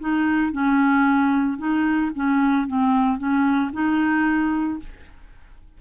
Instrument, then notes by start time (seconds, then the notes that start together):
clarinet
0.00 D#4
0.52 C#4
1.58 D#4
2.15 C#4
2.67 C4
3.18 C#4
3.73 D#4